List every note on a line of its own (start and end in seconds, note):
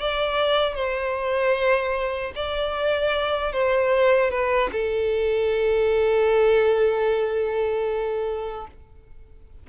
0.00 0.75 D5
0.75 2.33 C5
2.36 3.53 D5
3.53 4.31 C5
4.31 4.70 B4
4.73 8.67 A4